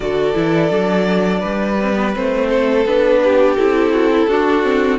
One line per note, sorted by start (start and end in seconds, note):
0.00 0.33 D3
0.00 0.34 F#4
0.00 1.40 A4
0.00 2.14 D5
0.34 0.71 E3
0.34 0.69 E4
0.69 1.42 F#3
0.69 1.76 D4
1.40 2.16 G3
1.40 2.47 B4
1.80 1.94 C4
1.94 2.12 B3
2.13 2.85 A3
2.13 2.84 C4
2.13 2.86 C5
2.49 3.20 A4
2.85 3.57 B3
2.85 3.58 D4
2.85 3.55 B4
3.23 3.93 G4
3.55 4.27 C4
3.55 4.29 E4
3.55 4.98 A4
3.93 4.10 F#4
4.11 4.29 E4
4.27 4.98 D4
4.27 4.62 D4
4.27 4.98 F#4
4.62 4.98 C4